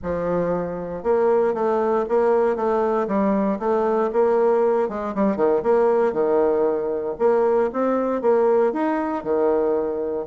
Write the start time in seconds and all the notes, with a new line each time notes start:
0.03 F3
1.03 A#3
1.54 A3
2.08 A#3
2.56 A3
3.07 G3
3.59 A3
4.12 A#3
4.88 G#3
5.14 G3
5.36 D#3
5.62 A#3
6.12 D#3
7.19 A#3
7.72 C4
8.21 A#3
8.72 D#4
9.23 D#3